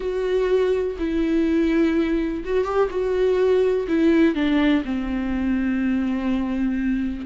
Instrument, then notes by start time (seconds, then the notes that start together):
viola
0.00 F#4
0.99 E4
2.44 F#4
2.64 G4
2.90 F#4
3.88 E4
4.35 D4
4.84 C4